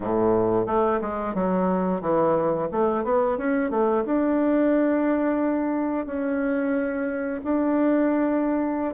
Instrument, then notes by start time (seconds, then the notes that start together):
bassoon
0.00 A2
0.66 A3
1.01 G#3
1.34 F#3
2.01 E3
2.71 A3
3.03 B3
3.37 C#4
3.70 A3
4.05 D4
6.06 C#4
7.44 D4